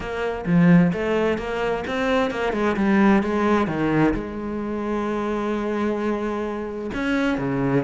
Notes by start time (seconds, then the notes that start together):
0.00 A#3
0.46 F3
0.93 A3
1.38 A#3
1.87 C4
2.31 A#3
2.52 G#3
2.76 G3
3.22 G#3
3.67 D#3
4.13 G#3
6.94 C#4
7.38 C#3